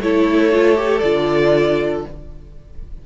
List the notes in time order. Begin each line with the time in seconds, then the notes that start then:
0.00 A3 E4 A4 C#5
0.52 F4
0.76 G4
0.99 D3 F4 D5